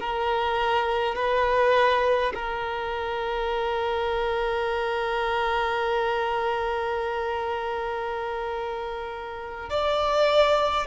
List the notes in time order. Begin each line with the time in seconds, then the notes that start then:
0.00 A#4
1.15 B4
2.34 A#4
9.70 D5